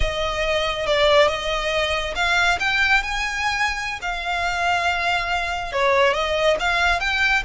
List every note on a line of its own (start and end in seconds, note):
0.00 0.86 D#5
0.86 1.28 D5
1.28 2.14 D#5
2.15 2.58 F5
2.59 3.02 G5
3.02 3.99 G#5
4.01 5.72 F5
5.72 6.13 C#5
6.13 6.56 D#5
6.59 7.00 F5
7.00 7.43 G5